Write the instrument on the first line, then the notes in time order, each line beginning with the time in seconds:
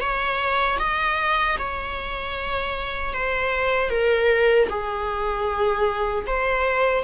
viola
0.00 C#5
0.79 D#5
1.58 C#5
3.13 C5
3.89 A#4
4.69 G#4
6.26 C5